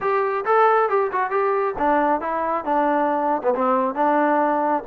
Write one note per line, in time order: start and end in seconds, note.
0.00 0.45 G4
0.45 0.89 A4
0.89 1.11 G4
1.12 1.30 F#4
1.30 1.74 G4
1.78 2.20 D4
2.20 2.64 E4
2.64 3.42 D4
3.43 3.54 B3
3.54 3.95 C4
3.95 4.83 D4